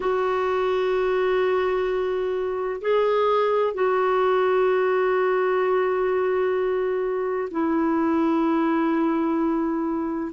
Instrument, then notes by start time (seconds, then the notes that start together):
clarinet
0.00 F#4
2.81 G#4
3.73 F#4
7.50 E4